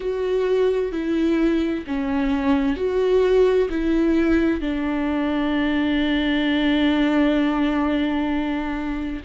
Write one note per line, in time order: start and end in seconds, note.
0.00 0.91 F#4
0.91 1.84 E4
1.87 2.76 C#4
2.76 3.68 F#4
3.69 4.61 E4
4.61 9.22 D4